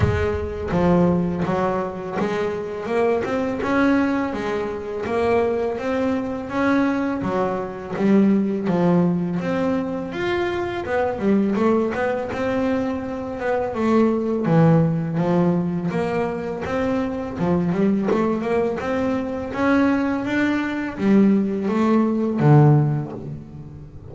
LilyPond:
\new Staff \with { instrumentName = "double bass" } { \time 4/4 \tempo 4 = 83 gis4 f4 fis4 gis4 | ais8 c'8 cis'4 gis4 ais4 | c'4 cis'4 fis4 g4 | f4 c'4 f'4 b8 g8 |
a8 b8 c'4. b8 a4 | e4 f4 ais4 c'4 | f8 g8 a8 ais8 c'4 cis'4 | d'4 g4 a4 d4 | }